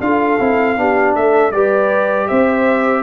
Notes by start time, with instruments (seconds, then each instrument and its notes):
0.00 tuba D4, trombone F4, horn A4, trumpet F5
0.39 tuba C4, trombone E4
0.77 tuba B3, trombone D4, horn G4
1.15 tuba A3, horn A4, trumpet E5
1.51 tuba G3, trombone G4, horn B4, trumpet D5
2.28 tuba C4, horn C5, trumpet E5